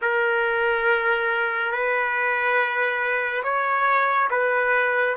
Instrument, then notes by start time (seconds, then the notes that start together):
trumpet
0.01 A#4
1.71 B4
3.43 C#5
4.30 B4